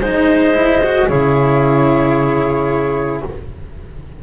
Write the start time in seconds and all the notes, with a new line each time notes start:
0.00 G#3 D#4 C5 D#5
0.54 E4
0.83 F#4
1.08 C#3 E4 G#4 C#5